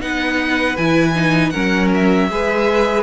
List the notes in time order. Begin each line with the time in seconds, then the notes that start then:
0.00 B3 D#4 B4 F#5
0.77 E3 E4 G#5
1.15 D#4
1.50 F#3 C#4 A#4 F#5
1.94 E5
2.30 G#3 G#4 B4